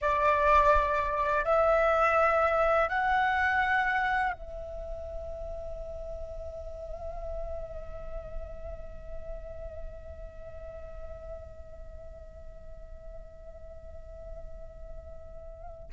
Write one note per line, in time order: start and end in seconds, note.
0.01 1.45 D5
1.45 2.88 E5
2.88 4.32 F#5
4.32 15.89 E5